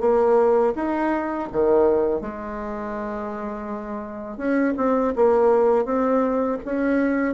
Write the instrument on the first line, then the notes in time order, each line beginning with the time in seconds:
bassoon
0.00 A#3
0.75 D#4
1.52 D#3
2.21 G#3
4.37 C#4
4.77 C4
5.16 A#3
5.84 C4
6.65 C#4